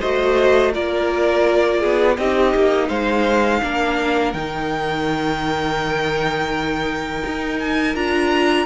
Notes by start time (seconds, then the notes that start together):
0.00 A3 F#4 C5 D#5
0.73 A#3 F4 A#4 D5
1.80 B3 G#4
2.17 C4 D#4 G4 D#5
2.54 A#3
2.88 G#3 C5 F5
3.62 A#3 D4 A#4
4.33 D#3 D#4 G5
7.26 D#4
7.59 G#5
7.95 D4 F4 A#5